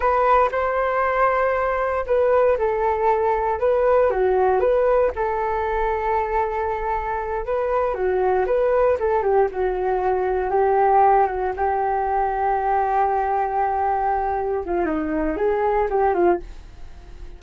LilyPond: \new Staff \with { instrumentName = "flute" } { \time 4/4 \tempo 4 = 117 b'4 c''2. | b'4 a'2 b'4 | fis'4 b'4 a'2~ | a'2~ a'8 b'4 fis'8~ |
fis'8 b'4 a'8 g'8 fis'4.~ | fis'8 g'4. fis'8 g'4.~ | g'1~ | g'8 f'8 dis'4 gis'4 g'8 f'8 | }